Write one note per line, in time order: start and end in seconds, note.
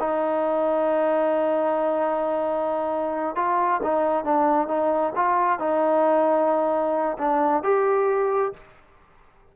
0.00 3.36 D#4
3.36 3.81 F4
3.83 4.24 D#4
4.24 4.68 D4
4.68 5.13 D#4
5.16 5.60 F4
5.60 7.17 D#4
7.18 7.63 D4
7.63 8.54 G4